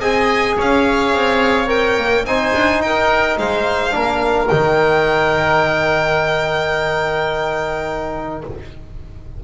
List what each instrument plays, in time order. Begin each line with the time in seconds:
0.00 double bass C4, trombone G#4, oboe D#5, violin G#5
0.57 double bass C#4, oboe C#5, violin F5
1.14 double bass C4
1.67 trombone A#4, violin G5
1.98 double bass A#3
2.25 double bass C4, trombone D#4, oboe C5, violin G#5
2.55 double bass D4
2.81 double bass D#4, violin G5
2.87 oboe A#4
3.38 double bass G#3, oboe C5, violin F5
3.91 double bass A#3, trombone D4, oboe A#4
4.48 double bass D#3, trombone D#4, violin G5